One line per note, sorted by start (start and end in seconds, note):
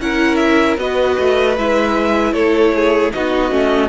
0.00 0.77 C#4
0.00 0.78 E4
0.00 0.80 A#4
0.00 0.35 F#5
0.35 0.74 E5
0.77 1.16 B3
0.77 1.56 F#4
0.77 2.33 B4
0.77 1.57 D#5
1.19 1.57 A3
1.57 2.32 G#3
1.57 3.12 E4
1.57 2.33 E5
2.32 3.10 A3
2.32 2.72 A4
2.32 3.11 C#5
2.74 3.13 G#4
3.12 3.51 B3
3.12 3.50 D#4
3.12 3.89 F#4
3.12 3.89 D#5
3.50 3.89 A3
3.50 3.89 C#4